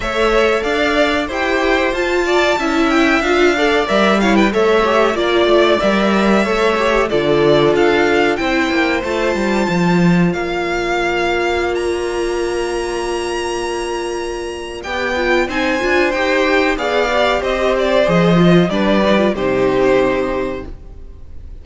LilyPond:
<<
  \new Staff \with { instrumentName = "violin" } { \time 4/4 \tempo 4 = 93 e''4 f''4 g''4 a''4~ | a''8 g''8 f''4 e''8 f''16 g''16 e''4 | d''4 e''2 d''4 | f''4 g''4 a''2 |
f''2~ f''16 ais''4.~ ais''16~ | ais''2. g''4 | gis''4 g''4 f''4 dis''8 d''8 | dis''4 d''4 c''2 | }
  \new Staff \with { instrumentName = "violin" } { \time 4/4 cis''4 d''4 c''4. d''8 | e''4. d''4 cis''16 b'16 cis''4 | d''2 cis''4 a'4~ | a'4 c''2. |
d''1~ | d''1 | c''2 d''4 c''4~ | c''4 b'4 g'2 | }
  \new Staff \with { instrumentName = "viola" } { \time 4/4 a'2 g'4 f'4 | e'4 f'8 a'8 ais'8 e'8 a'8 g'8 | f'4 ais'4 a'8 g'8 f'4~ | f'4 e'4 f'2~ |
f'1~ | f'2. g'8 f'8 | dis'8 f'8 g'4 gis'8 g'4. | gis'8 f'8 d'8 dis'16 f'16 dis'2 | }
  \new Staff \with { instrumentName = "cello" } { \time 4/4 a4 d'4 e'4 f'4 | cis'4 d'4 g4 a4 | ais8 a8 g4 a4 d4 | d'4 c'8 ais8 a8 g8 f4 |
ais1~ | ais2. b4 | c'8 d'8 dis'4 b4 c'4 | f4 g4 c2 | }
>>